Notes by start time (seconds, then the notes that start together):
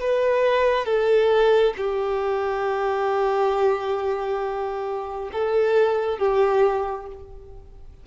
0.00 B4
0.85 A4
1.77 G4
5.32 A4
6.18 G4